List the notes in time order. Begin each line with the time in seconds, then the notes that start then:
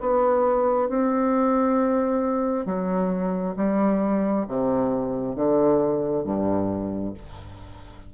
0.00 B3
0.89 C4
2.66 F#3
3.56 G3
4.48 C3
5.35 D3
6.24 G2